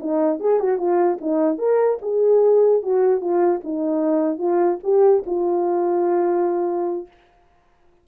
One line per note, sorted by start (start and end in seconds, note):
0.00 0.40 D#4
0.40 0.60 G#4
0.60 0.78 F#4
0.78 1.18 F4
1.21 1.59 D#4
1.59 1.99 A#4
2.02 2.83 G#4
2.83 3.21 F#4
3.21 3.61 F4
3.64 4.39 D#4
4.39 4.79 F4
4.84 5.24 G4
5.26 7.08 F4